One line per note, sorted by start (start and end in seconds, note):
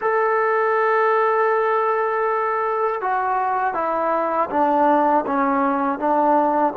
0.01 3.01 A4
3.01 3.74 F#4
3.74 4.49 E4
4.50 5.25 D4
5.26 5.98 C#4
5.98 6.73 D4